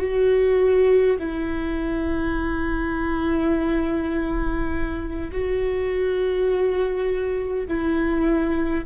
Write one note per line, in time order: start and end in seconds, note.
0.00 1.18 F#4
1.20 5.32 E4
5.32 7.67 F#4
7.68 8.86 E4